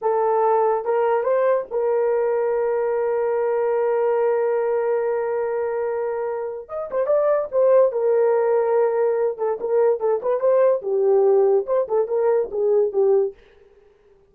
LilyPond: \new Staff \with { instrumentName = "horn" } { \time 4/4 \tempo 4 = 144 a'2 ais'4 c''4 | ais'1~ | ais'1~ | ais'1 |
dis''8 c''8 d''4 c''4 ais'4~ | ais'2~ ais'8 a'8 ais'4 | a'8 b'8 c''4 g'2 | c''8 a'8 ais'4 gis'4 g'4 | }